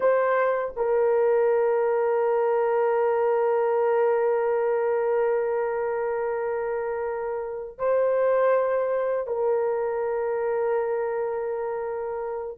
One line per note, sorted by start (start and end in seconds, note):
0.00 0.74 C5
0.76 7.78 A#4
7.78 9.26 C5
9.27 12.58 A#4